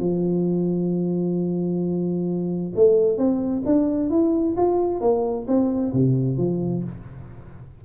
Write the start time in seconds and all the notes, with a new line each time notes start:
0.00 F3
2.76 A3
3.18 C4
3.66 D4
4.10 E4
4.57 F4
5.01 A#3
5.48 C4
5.94 C3
6.38 F3